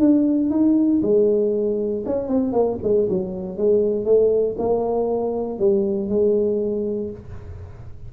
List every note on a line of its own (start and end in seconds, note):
0.00 0.51 D4
0.51 1.01 D#4
1.03 2.04 G#3
2.06 2.28 C#4
2.28 2.53 C4
2.53 2.79 A#3
2.83 3.09 G#3
3.10 3.58 F#3
3.58 4.05 G#3
4.05 4.56 A3
4.58 5.59 A#3
5.59 6.09 G3
6.09 7.11 G#3